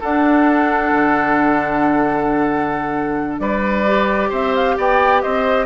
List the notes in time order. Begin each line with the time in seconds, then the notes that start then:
0.00 D4 A4 F#5
0.92 D3
3.39 G3 B4 D5
3.87 G4
4.29 C4 C5 E5
4.55 F5
4.77 B3 D5 G5
5.22 C4 C5 D#5